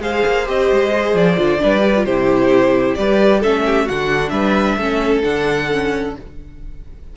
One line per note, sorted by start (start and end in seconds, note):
0.00 0.23 G#3
0.00 0.45 G#4
0.00 1.61 C5
0.00 0.47 F5
0.26 0.48 A#3
0.45 0.71 C4
0.45 0.91 G4
0.45 1.16 D#5
0.71 1.14 G#3
0.92 1.36 G#4
1.14 1.37 F3
1.14 2.05 D5
1.36 1.60 D3
1.36 1.58 F4
1.58 2.05 G3
1.58 1.79 D4
1.58 2.05 B4
1.79 1.91 G4
1.96 2.07 F4
2.05 2.96 C3
2.05 2.98 E4
2.05 2.96 G4
2.05 2.95 C5
2.95 3.43 G3
2.95 3.43 G4
2.95 3.40 B4
2.95 3.40 D5
3.40 3.89 A3
3.40 3.89 C#4
3.40 3.62 A4
3.40 3.88 E5
3.65 3.85 G4
3.85 4.31 D3
3.85 4.80 D4
3.85 4.31 F#4
3.85 4.29 F#5
4.29 4.77 G3
4.29 4.78 B4
4.29 5.20 E5
4.77 5.23 A3
4.77 5.23 C#4
4.77 6.16 A4
5.23 6.16 D3
5.23 5.68 D4
5.23 6.14 F#5
5.71 6.16 C#4